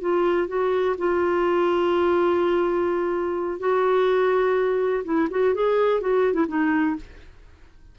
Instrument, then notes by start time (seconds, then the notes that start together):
clarinet
0.00 F4
0.47 F#4
0.98 F4
3.59 F#4
5.04 E4
5.30 F#4
5.54 G#4
6.00 F#4
6.33 E4
6.48 D#4